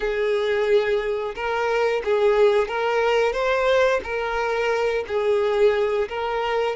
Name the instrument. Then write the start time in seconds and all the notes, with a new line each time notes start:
violin
0.00 G#4
1.35 A#4
2.04 G#4
2.68 A#4
3.32 C5
4.03 A#4
5.07 G#4
6.09 A#4